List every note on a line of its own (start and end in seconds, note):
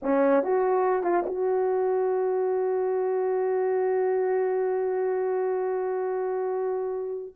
0.02 0.43 C#4
0.43 1.03 F#4
1.03 1.24 F4
1.26 7.34 F#4